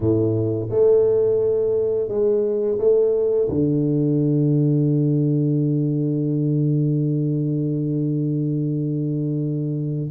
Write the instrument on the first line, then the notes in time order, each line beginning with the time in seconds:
tuba
0.00 A2
0.69 A3
2.08 G#3
2.78 A3
3.48 D3